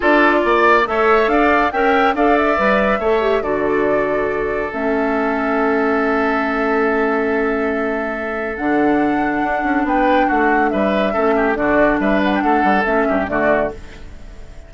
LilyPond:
<<
  \new Staff \with { instrumentName = "flute" } { \time 4/4 \tempo 4 = 140 d''2 e''4 f''4 | g''4 f''8 e''2~ e''8 | d''2. e''4~ | e''1~ |
e''1 | fis''2. g''4 | fis''4 e''2 d''4 | e''8 fis''16 g''16 fis''4 e''4 d''4 | }
  \new Staff \with { instrumentName = "oboe" } { \time 4/4 a'4 d''4 cis''4 d''4 | e''4 d''2 cis''4 | a'1~ | a'1~ |
a'1~ | a'2. b'4 | fis'4 b'4 a'8 g'8 fis'4 | b'4 a'4. g'8 fis'4 | }
  \new Staff \with { instrumentName = "clarinet" } { \time 4/4 f'2 a'2 | ais'4 a'4 b'4 a'8 g'8 | fis'2. cis'4~ | cis'1~ |
cis'1 | d'1~ | d'2 cis'4 d'4~ | d'2 cis'4 a4 | }
  \new Staff \with { instrumentName = "bassoon" } { \time 4/4 d'4 ais4 a4 d'4 | cis'4 d'4 g4 a4 | d2. a4~ | a1~ |
a1 | d2 d'8 cis'8 b4 | a4 g4 a4 d4 | g4 a8 g8 a8 g,8 d4 | }
>>